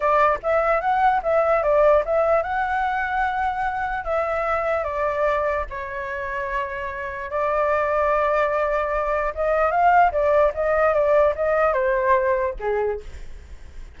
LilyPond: \new Staff \with { instrumentName = "flute" } { \time 4/4 \tempo 4 = 148 d''4 e''4 fis''4 e''4 | d''4 e''4 fis''2~ | fis''2 e''2 | d''2 cis''2~ |
cis''2 d''2~ | d''2. dis''4 | f''4 d''4 dis''4 d''4 | dis''4 c''2 gis'4 | }